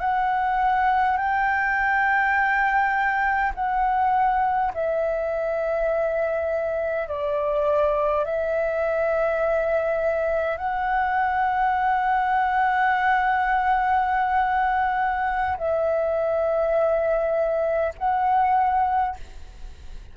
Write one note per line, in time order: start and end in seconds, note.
0.00 1.18 F#5
1.18 3.53 G5
3.55 4.73 F#5
4.74 7.08 E5
7.08 8.25 D5
8.25 10.58 E5
10.58 15.57 F#5
15.58 17.93 E5
17.99 19.17 F#5